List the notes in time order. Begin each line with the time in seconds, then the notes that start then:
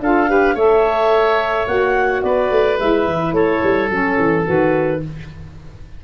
0.00 D4 F4 A4 F5
0.27 G4 B4
0.55 A3 A4 C#5 E5
1.67 A#3 F#4 F#5
2.23 B3 B4 D5
2.50 A3
2.78 G#3 E4 E5
3.05 E3
3.32 A3 A4 C#5
3.63 G3
3.89 F#3 C#4 A4
4.18 E3
4.45 D#3 F#4 B4